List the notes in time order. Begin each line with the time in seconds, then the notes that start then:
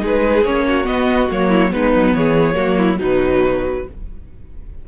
0.00 G#3 D#4 G#4
0.07 B4
0.45 A#3 C#4 C#5
0.68 F#4
0.85 B3 D#5
1.31 F#3 A#3 C#5
1.49 E4
1.72 G#3 B3 D#4 B4
1.95 F#3
2.14 E3 G#4 C#5
2.55 F#3 A#3 F#4
2.78 E4
3.00 B2 F#3 D#4 B4